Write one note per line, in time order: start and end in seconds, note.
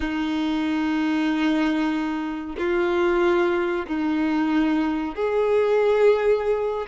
0.00 2.55 D#4
2.58 3.86 F4
3.86 5.15 D#4
5.15 6.86 G#4